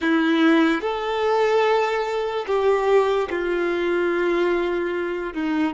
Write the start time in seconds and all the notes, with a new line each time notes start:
0.01 E4
0.81 A4
2.46 G4
3.30 F4
5.33 D#4